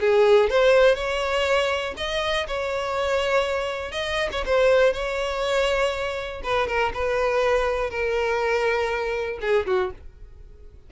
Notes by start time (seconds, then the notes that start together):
0.00 G#4
0.50 C5
0.95 C#5
1.97 D#5
2.47 C#5
3.92 D#5
4.32 C#5
4.46 C5
4.93 C#5
6.43 B4
6.67 A#4
6.94 B4
7.90 A#4
9.41 G#4
9.66 F#4